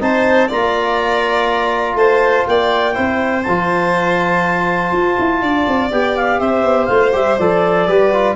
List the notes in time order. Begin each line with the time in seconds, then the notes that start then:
0.00 C4 D#4 C5 A5
0.48 A#3 F4 D5 A#5
1.95 A3 C5 A5
2.47 A#3 D5 G5
2.94 C4 E4 C5
3.43 F3 F4 A5
4.92 F4
5.19 E4
5.42 D4 D5
5.68 C4
5.91 B3 G4 G5
6.17 F5
6.40 C4 C5 E5
6.64 B3
6.86 A3 F4 F5
7.13 G3 G4 E5
7.38 F3 A4 D5
7.87 G3 G4 B4
8.13 F4